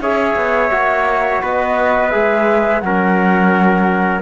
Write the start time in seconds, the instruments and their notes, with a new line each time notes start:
0.00 cello C#4, trombone G#4, trumpet C#5, flute E5
0.36 cello B3
0.71 cello A#3, trombone F#4
1.42 cello B3, trumpet B4, flute D#5
2.10 cello G#3, trombone G#4, flute E5
2.80 cello F#3, trombone C#4, trumpet A#4, flute F#5